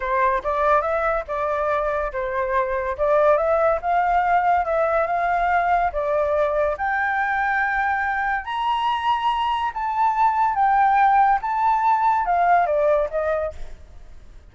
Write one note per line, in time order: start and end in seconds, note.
0.00 0.42 C5
0.43 0.81 D5
0.81 1.23 E5
1.27 2.12 D5
2.12 2.97 C5
2.97 3.37 D5
3.37 3.79 E5
3.81 4.65 F5
4.65 5.06 E5
5.06 5.91 F5
5.92 6.76 D5
6.77 8.44 G5
8.44 9.71 A#5
9.74 10.54 A5
10.54 11.39 G5
11.41 12.25 A5
12.25 12.66 F5
12.66 13.08 D5
13.10 13.52 D#5